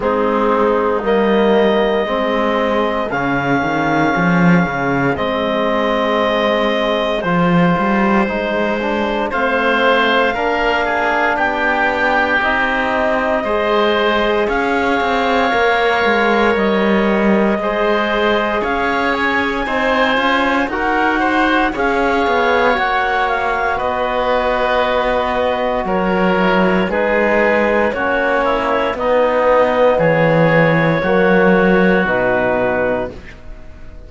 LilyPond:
<<
  \new Staff \with { instrumentName = "clarinet" } { \time 4/4 \tempo 4 = 58 gis'4 dis''2 f''4~ | f''4 dis''2 c''4~ | c''4 f''2 g''4 | dis''2 f''2 |
dis''2 f''8 gis''4. | fis''4 f''4 fis''8 f''8 dis''4~ | dis''4 cis''4 b'4 cis''4 | dis''4 cis''2 b'4 | }
  \new Staff \with { instrumentName = "oboe" } { \time 4/4 dis'2 gis'2~ | gis'1~ | gis'4 c''4 ais'8 gis'8 g'4~ | g'4 c''4 cis''2~ |
cis''4 c''4 cis''4 c''4 | ais'8 c''8 cis''2 b'4~ | b'4 ais'4 gis'4 fis'8 e'8 | dis'4 gis'4 fis'2 | }
  \new Staff \with { instrumentName = "trombone" } { \time 4/4 c'4 ais4 c'4 cis'4~ | cis'4 c'2 f'4 | dis'8 d'8 c'4 d'2 | dis'4 gis'2 ais'4~ |
ais'4 gis'2 dis'8 f'8 | fis'4 gis'4 fis'2~ | fis'4. e'8 dis'4 cis'4 | b2 ais4 dis'4 | }
  \new Staff \with { instrumentName = "cello" } { \time 4/4 gis4 g4 gis4 cis8 dis8 | f8 cis8 gis2 f8 g8 | gis4 a4 ais4 b4 | c'4 gis4 cis'8 c'8 ais8 gis8 |
g4 gis4 cis'4 c'8 cis'8 | dis'4 cis'8 b8 ais4 b4~ | b4 fis4 gis4 ais4 | b4 e4 fis4 b,4 | }
>>